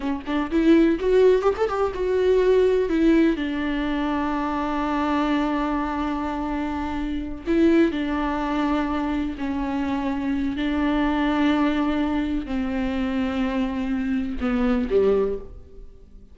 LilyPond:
\new Staff \with { instrumentName = "viola" } { \time 4/4 \tempo 4 = 125 cis'8 d'8 e'4 fis'4 g'16 a'16 g'8 | fis'2 e'4 d'4~ | d'1~ | d'2.~ d'8 e'8~ |
e'8 d'2. cis'8~ | cis'2 d'2~ | d'2 c'2~ | c'2 b4 g4 | }